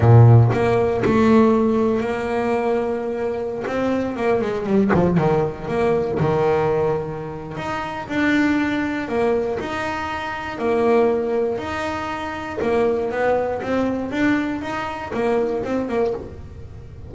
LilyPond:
\new Staff \with { instrumentName = "double bass" } { \time 4/4 \tempo 4 = 119 ais,4 ais4 a2 | ais2.~ ais16 c'8.~ | c'16 ais8 gis8 g8 f8 dis4 ais8.~ | ais16 dis2~ dis8. dis'4 |
d'2 ais4 dis'4~ | dis'4 ais2 dis'4~ | dis'4 ais4 b4 c'4 | d'4 dis'4 ais4 c'8 ais8 | }